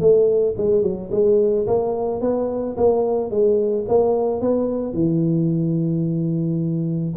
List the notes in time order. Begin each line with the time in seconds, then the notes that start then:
0.00 A3
0.57 G#3
0.83 F#3
1.12 G#3
1.67 A#3
2.21 B3
2.77 A#3
3.31 G#3
3.88 A#3
4.41 B3
4.93 E3